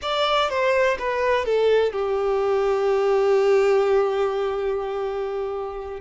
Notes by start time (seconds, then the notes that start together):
0.02 D5
0.49 C5
0.98 B4
1.45 A4
1.92 G4